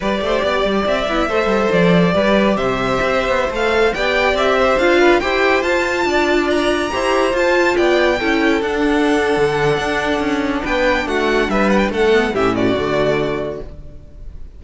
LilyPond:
<<
  \new Staff \with { instrumentName = "violin" } { \time 4/4 \tempo 4 = 141 d''2 e''2 | d''2 e''2~ | e''16 f''4 g''4 e''4 f''8.~ | f''16 g''4 a''2 ais''8.~ |
ais''4~ ais''16 a''4 g''4.~ g''16~ | g''16 fis''2.~ fis''8.~ | fis''4 g''4 fis''4 e''8 fis''16 g''16 | fis''4 e''8 d''2~ d''8 | }
  \new Staff \with { instrumentName = "violin" } { \time 4/4 b'8 c''8 d''2 c''4~ | c''4 b'4 c''2~ | c''4~ c''16 d''4. c''4 b'16~ | b'16 c''2 d''4.~ d''16~ |
d''16 c''2 d''4 a'8.~ | a'1~ | a'4 b'4 fis'4 b'4 | a'4 g'8 fis'2~ fis'8 | }
  \new Staff \with { instrumentName = "viola" } { \time 4/4 g'2~ g'8 e'8 a'4~ | a'4 g'2.~ | g'16 a'4 g'2 f'8.~ | f'16 g'4 f'2~ f'8.~ |
f'16 g'4 f'2 e'8.~ | e'16 d'2.~ d'8.~ | d'1~ | d'8 b8 cis'4 a2 | }
  \new Staff \with { instrumentName = "cello" } { \time 4/4 g8 a8 b8 g8 c'8 b8 a8 g8 | f4 g4 c4 c'8. b16~ | b16 a4 b4 c'4 d'8.~ | d'16 e'4 f'4 d'4.~ d'16~ |
d'16 e'4 f'4 b4 cis'8.~ | cis'16 d'4.~ d'16 d4 d'4 | cis'4 b4 a4 g4 | a4 a,4 d2 | }
>>